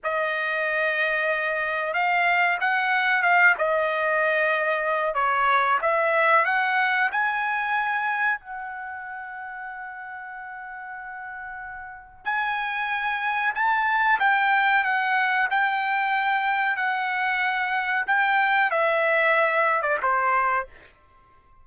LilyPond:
\new Staff \with { instrumentName = "trumpet" } { \time 4/4 \tempo 4 = 93 dis''2. f''4 | fis''4 f''8 dis''2~ dis''8 | cis''4 e''4 fis''4 gis''4~ | gis''4 fis''2.~ |
fis''2. gis''4~ | gis''4 a''4 g''4 fis''4 | g''2 fis''2 | g''4 e''4.~ e''16 d''16 c''4 | }